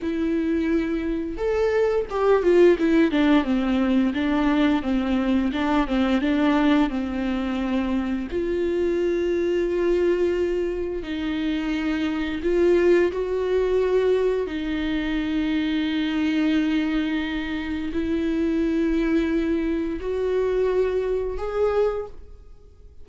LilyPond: \new Staff \with { instrumentName = "viola" } { \time 4/4 \tempo 4 = 87 e'2 a'4 g'8 f'8 | e'8 d'8 c'4 d'4 c'4 | d'8 c'8 d'4 c'2 | f'1 |
dis'2 f'4 fis'4~ | fis'4 dis'2.~ | dis'2 e'2~ | e'4 fis'2 gis'4 | }